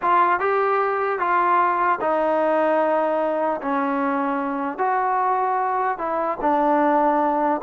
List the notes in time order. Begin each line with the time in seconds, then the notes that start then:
0.02 F4
0.39 G4
1.19 F4
2.00 D#4
3.61 C#4
4.78 F#4
5.98 E4
6.41 D4